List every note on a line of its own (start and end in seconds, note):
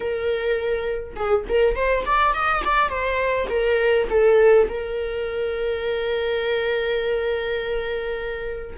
0.00 1.14 A#4
1.16 1.45 G#4
1.48 1.75 A#4
1.75 2.04 C5
2.05 2.33 D5
2.33 2.62 D#5
2.65 2.89 D5
2.89 3.47 C5
3.49 4.08 A#4
4.09 4.68 A4
4.68 8.76 A#4